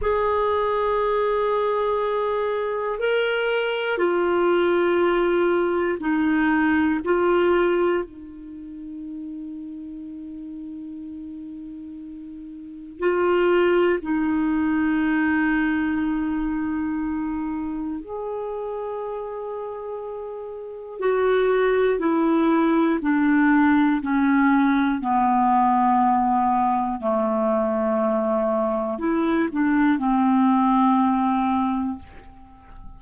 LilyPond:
\new Staff \with { instrumentName = "clarinet" } { \time 4/4 \tempo 4 = 60 gis'2. ais'4 | f'2 dis'4 f'4 | dis'1~ | dis'4 f'4 dis'2~ |
dis'2 gis'2~ | gis'4 fis'4 e'4 d'4 | cis'4 b2 a4~ | a4 e'8 d'8 c'2 | }